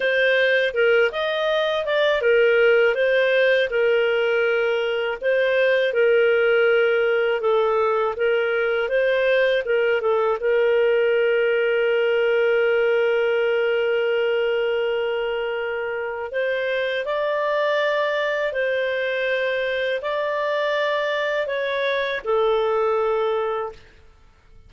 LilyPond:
\new Staff \with { instrumentName = "clarinet" } { \time 4/4 \tempo 4 = 81 c''4 ais'8 dis''4 d''8 ais'4 | c''4 ais'2 c''4 | ais'2 a'4 ais'4 | c''4 ais'8 a'8 ais'2~ |
ais'1~ | ais'2 c''4 d''4~ | d''4 c''2 d''4~ | d''4 cis''4 a'2 | }